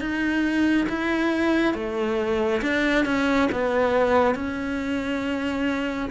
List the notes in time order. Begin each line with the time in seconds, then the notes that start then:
0.00 D#4
0.89 E4
1.74 A3
2.61 D4
3.05 C#4
3.51 B3
4.35 C#4